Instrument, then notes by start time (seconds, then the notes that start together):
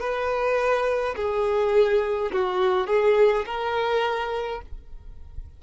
violin
0.00 B4
1.16 G#4
2.33 F#4
2.87 G#4
3.46 A#4